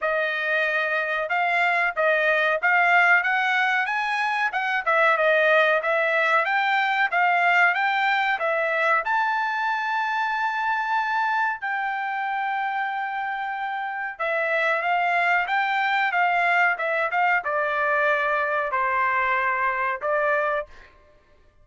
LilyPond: \new Staff \with { instrumentName = "trumpet" } { \time 4/4 \tempo 4 = 93 dis''2 f''4 dis''4 | f''4 fis''4 gis''4 fis''8 e''8 | dis''4 e''4 g''4 f''4 | g''4 e''4 a''2~ |
a''2 g''2~ | g''2 e''4 f''4 | g''4 f''4 e''8 f''8 d''4~ | d''4 c''2 d''4 | }